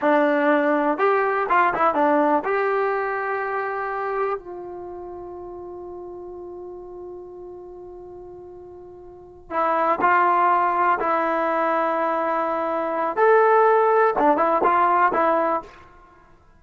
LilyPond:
\new Staff \with { instrumentName = "trombone" } { \time 4/4 \tempo 4 = 123 d'2 g'4 f'8 e'8 | d'4 g'2.~ | g'4 f'2.~ | f'1~ |
f'2.~ f'8 e'8~ | e'8 f'2 e'4.~ | e'2. a'4~ | a'4 d'8 e'8 f'4 e'4 | }